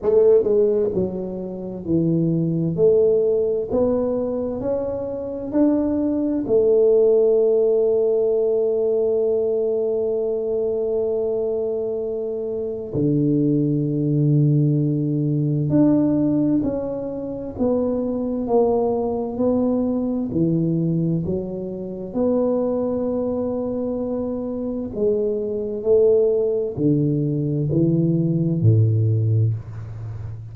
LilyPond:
\new Staff \with { instrumentName = "tuba" } { \time 4/4 \tempo 4 = 65 a8 gis8 fis4 e4 a4 | b4 cis'4 d'4 a4~ | a1~ | a2 d2~ |
d4 d'4 cis'4 b4 | ais4 b4 e4 fis4 | b2. gis4 | a4 d4 e4 a,4 | }